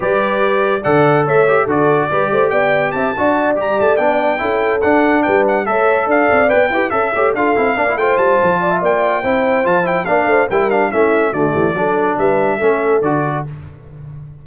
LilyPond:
<<
  \new Staff \with { instrumentName = "trumpet" } { \time 4/4 \tempo 4 = 143 d''2 fis''4 e''4 | d''2 g''4 a''4~ | a''8 ais''8 a''8 g''2 fis''8~ | fis''8 g''8 fis''8 e''4 f''4 g''8~ |
g''8 e''4 f''4. g''8 a''8~ | a''4 g''2 a''8 g''8 | f''4 g''8 f''8 e''4 d''4~ | d''4 e''2 d''4 | }
  \new Staff \with { instrumentName = "horn" } { \time 4/4 b'2 d''4 cis''4 | a'4 b'8 c''8 d''4 e''8 d''8~ | d''2~ d''8 a'4.~ | a'8 b'4 cis''4 d''4. |
b'8 a'8 cis''8 a'4 d''8 c''4~ | c''8 d''16 e''16 d''4 c''2 | d''8 c''8 ais'4 e'4 fis'8 g'8 | a'4 b'4 a'2 | }
  \new Staff \with { instrumentName = "trombone" } { \time 4/4 g'2 a'4. g'8 | fis'4 g'2~ g'8 fis'8~ | fis'8 g'4 d'4 e'4 d'8~ | d'4. a'2 b'8 |
g'8 a'8 g'8 f'8 e'8 d'16 e'16 f'4~ | f'2 e'4 f'8 e'8 | d'4 e'8 d'8 cis'4 a4 | d'2 cis'4 fis'4 | }
  \new Staff \with { instrumentName = "tuba" } { \time 4/4 g2 d4 a4 | d4 g8 a8 b4 c'8 d'8~ | d'8 g8 a8 b4 cis'4 d'8~ | d'8 g4 a4 d'8 c'8 b8 |
e'8 cis'8 a8 d'8 c'8 ais8 a8 g8 | f4 ais4 c'4 f4 | ais8 a8 g4 a4 d8 e8 | fis4 g4 a4 d4 | }
>>